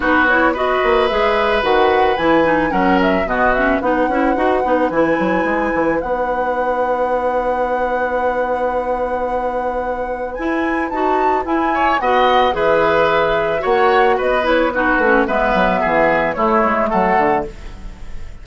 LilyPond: <<
  \new Staff \with { instrumentName = "flute" } { \time 4/4 \tempo 4 = 110 b'8 cis''8 dis''4 e''4 fis''4 | gis''4 fis''8 e''8 dis''8 e''8 fis''4~ | fis''4 gis''2 fis''4~ | fis''1~ |
fis''2. gis''4 | a''4 gis''4 fis''4 e''4~ | e''4 fis''4 dis''8 cis''8 b'4 | e''2 cis''4 fis''4 | }
  \new Staff \with { instrumentName = "oboe" } { \time 4/4 fis'4 b'2.~ | b'4 ais'4 fis'4 b'4~ | b'1~ | b'1~ |
b'1~ | b'4. cis''8 dis''4 b'4~ | b'4 cis''4 b'4 fis'4 | b'4 gis'4 e'4 a'4 | }
  \new Staff \with { instrumentName = "clarinet" } { \time 4/4 dis'8 e'8 fis'4 gis'4 fis'4 | e'8 dis'8 cis'4 b8 cis'8 dis'8 e'8 | fis'8 dis'8 e'2 dis'4~ | dis'1~ |
dis'2. e'4 | fis'4 e'4 fis'4 gis'4~ | gis'4 fis'4. e'8 dis'8 cis'8 | b2 a2 | }
  \new Staff \with { instrumentName = "bassoon" } { \time 4/4 b4. ais8 gis4 dis4 | e4 fis4 b,4 b8 cis'8 | dis'8 b8 e8 fis8 gis8 e8 b4~ | b1~ |
b2. e'4 | dis'4 e'4 b4 e4~ | e4 ais4 b4. a8 | gis8 fis8 e4 a8 gis8 fis8 d8 | }
>>